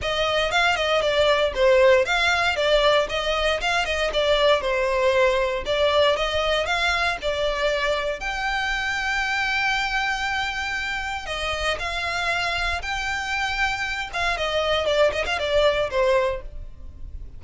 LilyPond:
\new Staff \with { instrumentName = "violin" } { \time 4/4 \tempo 4 = 117 dis''4 f''8 dis''8 d''4 c''4 | f''4 d''4 dis''4 f''8 dis''8 | d''4 c''2 d''4 | dis''4 f''4 d''2 |
g''1~ | g''2 dis''4 f''4~ | f''4 g''2~ g''8 f''8 | dis''4 d''8 dis''16 f''16 d''4 c''4 | }